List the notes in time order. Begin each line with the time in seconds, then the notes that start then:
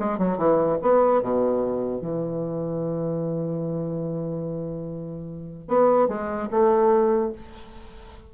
0.00 G#3
0.19 F#3
0.38 E3
0.82 B3
1.22 B2
2.01 E3
5.68 B3
6.08 G#3
6.51 A3